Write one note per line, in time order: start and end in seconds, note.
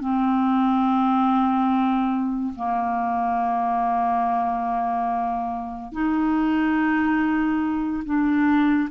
0.00 2.54 C4
2.56 5.92 A#3
5.92 8.03 D#4
8.04 8.89 D4